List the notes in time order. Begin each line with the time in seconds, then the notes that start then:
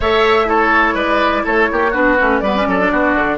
0.00 A3 A4 C#5 E5
0.45 E4 A4 C#5
0.94 G#3 B4 D5
1.44 A3 A4 C#5
1.71 A#3 G4
1.91 B3 D4 F#4 B4
2.18 A3 C#4
2.40 G3 B3 B4 D5
2.56 C#4
2.66 F#3 A4
2.79 D4
2.92 B3 F#4
3.14 D3